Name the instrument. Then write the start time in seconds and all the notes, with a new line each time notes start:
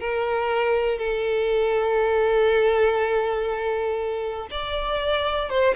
violin
0.00 A#4
0.98 A4
4.50 D5
5.50 C5